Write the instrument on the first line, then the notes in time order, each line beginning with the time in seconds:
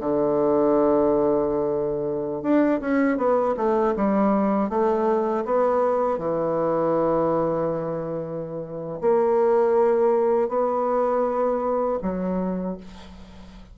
bassoon
0.00 D3
2.43 D4
2.81 C#4
3.18 B3
3.57 A3
3.96 G3
4.69 A3
5.45 B3
6.19 E3
9.01 A#3
10.49 B3
12.03 F#3